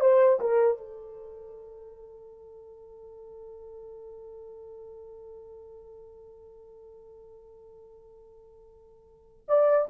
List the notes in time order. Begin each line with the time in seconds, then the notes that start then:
0.00 C5
0.40 A#4
0.78 A4
9.48 D5